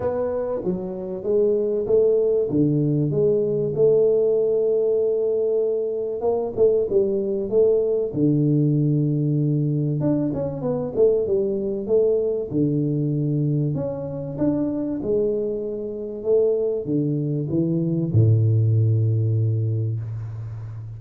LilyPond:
\new Staff \with { instrumentName = "tuba" } { \time 4/4 \tempo 4 = 96 b4 fis4 gis4 a4 | d4 gis4 a2~ | a2 ais8 a8 g4 | a4 d2. |
d'8 cis'8 b8 a8 g4 a4 | d2 cis'4 d'4 | gis2 a4 d4 | e4 a,2. | }